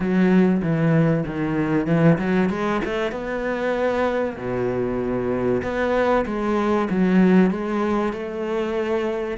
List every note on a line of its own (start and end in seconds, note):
0.00 0.61 F#3
0.62 1.24 E3
1.26 1.86 D#3
1.86 2.18 E3
2.18 2.49 F#3
2.49 2.80 G#3
2.84 3.11 A3
3.11 4.36 B3
4.37 5.62 B2
5.62 6.25 B3
6.26 6.88 G#3
6.90 7.50 F#3
7.50 8.12 G#3
8.12 9.37 A3